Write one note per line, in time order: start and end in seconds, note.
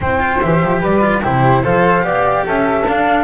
0.00 0.41 C4
0.00 0.19 E4
0.00 0.80 C5
0.00 0.41 G5
0.19 0.40 F4
0.41 0.62 E3
0.41 1.01 G4
0.41 0.82 E5
0.62 0.82 F3
0.80 1.23 G3
0.80 1.21 B4
0.80 1.23 D5
1.01 1.21 F4
1.21 1.64 C3
1.21 1.63 E4
1.21 1.62 G4
1.21 1.64 C5
1.63 2.03 F3
1.63 2.01 A4
1.63 2.04 C5
1.63 2.46 F5
2.01 2.44 B3
2.01 2.83 G4
2.01 2.45 D5
2.45 2.86 C#4
2.45 3.24 A4
2.45 2.87 E5
2.86 3.24 D4
2.86 3.24 F5